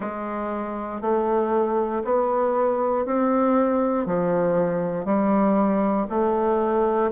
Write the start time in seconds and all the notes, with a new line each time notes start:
0.00 G#3
1.01 A3
2.04 B3
3.05 C4
4.05 F3
5.05 G3
6.09 A3